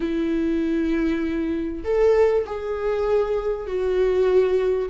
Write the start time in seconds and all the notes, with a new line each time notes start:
0.00 E4
1.83 A4
2.45 G#4
3.66 F#4